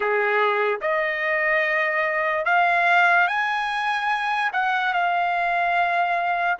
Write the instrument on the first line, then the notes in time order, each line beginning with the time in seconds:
trumpet
0.00 G#4
0.81 D#5
2.45 F5
3.27 G#5
4.52 F#5
4.93 F5